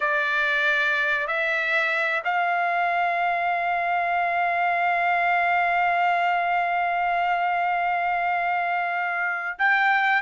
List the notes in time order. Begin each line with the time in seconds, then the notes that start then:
0.00 D5
1.27 E5
2.24 F5
9.58 G5